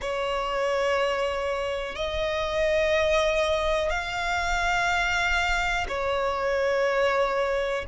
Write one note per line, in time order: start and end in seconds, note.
0.01 1.95 C#5
1.95 3.90 D#5
3.90 5.87 F5
5.88 7.85 C#5